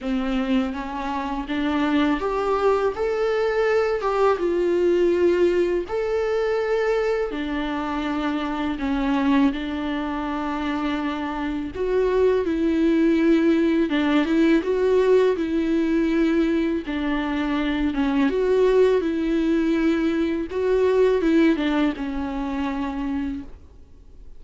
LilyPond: \new Staff \with { instrumentName = "viola" } { \time 4/4 \tempo 4 = 82 c'4 cis'4 d'4 g'4 | a'4. g'8 f'2 | a'2 d'2 | cis'4 d'2. |
fis'4 e'2 d'8 e'8 | fis'4 e'2 d'4~ | d'8 cis'8 fis'4 e'2 | fis'4 e'8 d'8 cis'2 | }